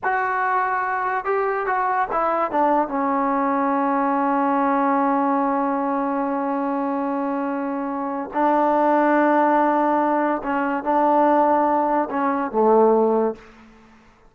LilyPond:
\new Staff \with { instrumentName = "trombone" } { \time 4/4 \tempo 4 = 144 fis'2. g'4 | fis'4 e'4 d'4 cis'4~ | cis'1~ | cis'1~ |
cis'1 | d'1~ | d'4 cis'4 d'2~ | d'4 cis'4 a2 | }